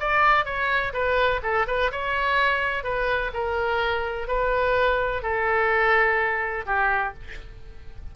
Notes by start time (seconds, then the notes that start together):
0.00 D5
0.45 C#5
0.93 B4
1.43 A4
1.67 B4
1.92 C#5
2.84 B4
3.34 A#4
4.27 B4
5.22 A4
6.66 G4